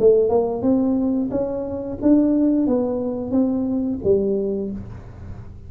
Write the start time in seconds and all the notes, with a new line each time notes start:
0.00 A3
0.30 A#3
0.63 C4
1.31 C#4
2.03 D4
2.67 B3
3.32 C4
4.04 G3